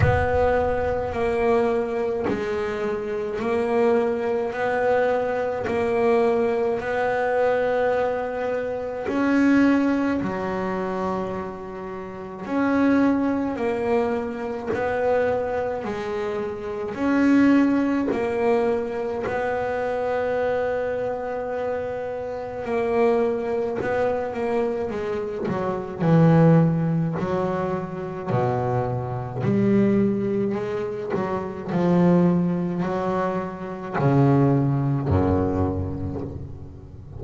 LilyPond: \new Staff \with { instrumentName = "double bass" } { \time 4/4 \tempo 4 = 53 b4 ais4 gis4 ais4 | b4 ais4 b2 | cis'4 fis2 cis'4 | ais4 b4 gis4 cis'4 |
ais4 b2. | ais4 b8 ais8 gis8 fis8 e4 | fis4 b,4 g4 gis8 fis8 | f4 fis4 cis4 fis,4 | }